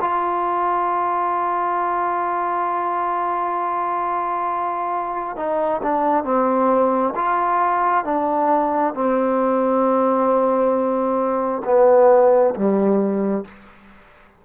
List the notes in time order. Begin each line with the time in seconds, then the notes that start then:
0.00 F4
5.36 D#4
5.82 D4
6.24 C4
7.15 F4
8.04 D4
8.93 C4
11.65 B3
12.55 G3